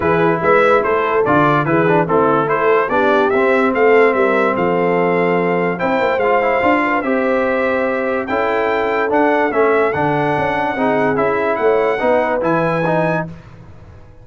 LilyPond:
<<
  \new Staff \with { instrumentName = "trumpet" } { \time 4/4 \tempo 4 = 145 b'4 e''4 c''4 d''4 | b'4 a'4 c''4 d''4 | e''4 f''4 e''4 f''4~ | f''2 g''4 f''4~ |
f''4 e''2. | g''2 fis''4 e''4 | fis''2. e''4 | fis''2 gis''2 | }
  \new Staff \with { instrumentName = "horn" } { \time 4/4 gis'4 b'4 a'2 | gis'4 e'4 a'4 g'4~ | g'4 a'4 ais'4 a'4~ | a'2 c''2~ |
c''8 b'8 c''2. | a'1~ | a'2 gis'2 | cis''4 b'2. | }
  \new Staff \with { instrumentName = "trombone" } { \time 4/4 e'2. f'4 | e'8 d'8 c'4 e'4 d'4 | c'1~ | c'2 e'4 f'8 e'8 |
f'4 g'2. | e'2 d'4 cis'4 | d'2 dis'4 e'4~ | e'4 dis'4 e'4 dis'4 | }
  \new Staff \with { instrumentName = "tuba" } { \time 4/4 e4 gis4 a4 d4 | e4 a2 b4 | c'4 a4 g4 f4~ | f2 c'8 ais8 gis4 |
d'4 c'2. | cis'2 d'4 a4 | d4 cis'4 c'4 cis'4 | a4 b4 e2 | }
>>